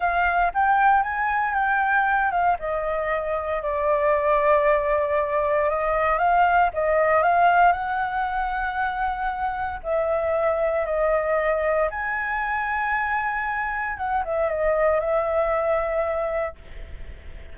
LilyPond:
\new Staff \with { instrumentName = "flute" } { \time 4/4 \tempo 4 = 116 f''4 g''4 gis''4 g''4~ | g''8 f''8 dis''2 d''4~ | d''2. dis''4 | f''4 dis''4 f''4 fis''4~ |
fis''2. e''4~ | e''4 dis''2 gis''4~ | gis''2. fis''8 e''8 | dis''4 e''2. | }